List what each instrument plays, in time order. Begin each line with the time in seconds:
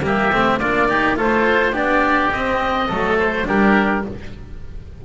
0.00 double bass G3, cello A#3, oboe G4 E5
0.32 double bass A3, cello C4
0.59 double bass A#3, cello D4, oboe F4 D5
0.88 cello D#4, oboe G4
1.16 double bass A3, cello F4, oboe A4 C5
1.72 double bass B3, cello D4, oboe G4 D5
2.31 double bass C4, cello C4, oboe D#5
2.87 double bass F#3, cello A3, oboe A4
3.19 oboe C5
3.44 double bass G3, cello D4, oboe G4 A#4